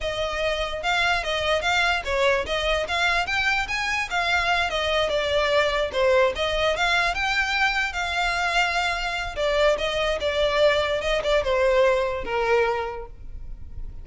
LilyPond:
\new Staff \with { instrumentName = "violin" } { \time 4/4 \tempo 4 = 147 dis''2 f''4 dis''4 | f''4 cis''4 dis''4 f''4 | g''4 gis''4 f''4. dis''8~ | dis''8 d''2 c''4 dis''8~ |
dis''8 f''4 g''2 f''8~ | f''2. d''4 | dis''4 d''2 dis''8 d''8 | c''2 ais'2 | }